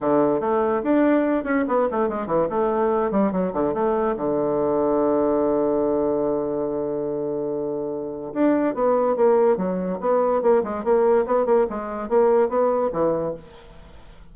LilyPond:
\new Staff \with { instrumentName = "bassoon" } { \time 4/4 \tempo 4 = 144 d4 a4 d'4. cis'8 | b8 a8 gis8 e8 a4. g8 | fis8 d8 a4 d2~ | d1~ |
d1 | d'4 b4 ais4 fis4 | b4 ais8 gis8 ais4 b8 ais8 | gis4 ais4 b4 e4 | }